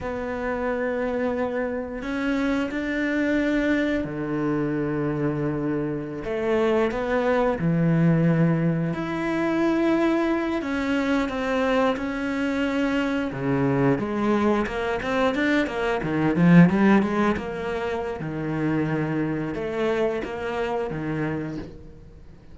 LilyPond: \new Staff \with { instrumentName = "cello" } { \time 4/4 \tempo 4 = 89 b2. cis'4 | d'2 d2~ | d4~ d16 a4 b4 e8.~ | e4~ e16 e'2~ e'8 cis'16~ |
cis'8. c'4 cis'2 cis16~ | cis8. gis4 ais8 c'8 d'8 ais8 dis16~ | dis16 f8 g8 gis8 ais4~ ais16 dis4~ | dis4 a4 ais4 dis4 | }